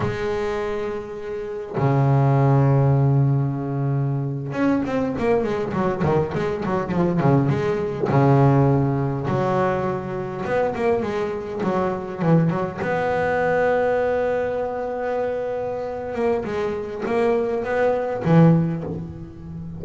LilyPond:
\new Staff \with { instrumentName = "double bass" } { \time 4/4 \tempo 4 = 102 gis2. cis4~ | cis2.~ cis8. cis'16~ | cis'16 c'8 ais8 gis8 fis8 dis8 gis8 fis8 f16~ | f16 cis8 gis4 cis2 fis16~ |
fis4.~ fis16 b8 ais8 gis4 fis16~ | fis8. e8 fis8 b2~ b16~ | b2.~ b8 ais8 | gis4 ais4 b4 e4 | }